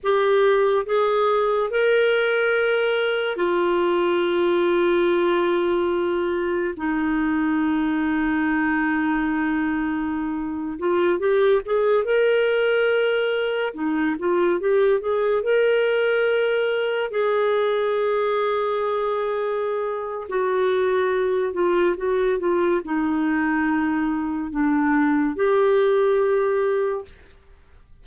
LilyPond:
\new Staff \with { instrumentName = "clarinet" } { \time 4/4 \tempo 4 = 71 g'4 gis'4 ais'2 | f'1 | dis'1~ | dis'8. f'8 g'8 gis'8 ais'4.~ ais'16~ |
ais'16 dis'8 f'8 g'8 gis'8 ais'4.~ ais'16~ | ais'16 gis'2.~ gis'8. | fis'4. f'8 fis'8 f'8 dis'4~ | dis'4 d'4 g'2 | }